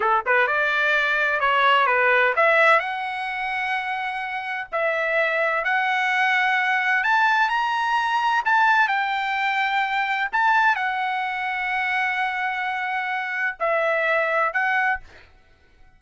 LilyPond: \new Staff \with { instrumentName = "trumpet" } { \time 4/4 \tempo 4 = 128 a'8 b'8 d''2 cis''4 | b'4 e''4 fis''2~ | fis''2 e''2 | fis''2. a''4 |
ais''2 a''4 g''4~ | g''2 a''4 fis''4~ | fis''1~ | fis''4 e''2 fis''4 | }